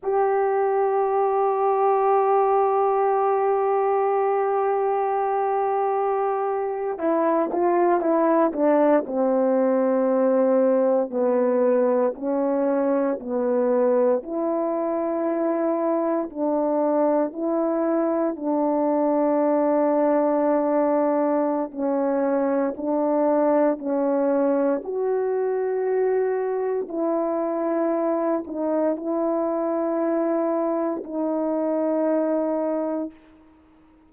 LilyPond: \new Staff \with { instrumentName = "horn" } { \time 4/4 \tempo 4 = 58 g'1~ | g'2~ g'8. e'8 f'8 e'16~ | e'16 d'8 c'2 b4 cis'16~ | cis'8. b4 e'2 d'16~ |
d'8. e'4 d'2~ d'16~ | d'4 cis'4 d'4 cis'4 | fis'2 e'4. dis'8 | e'2 dis'2 | }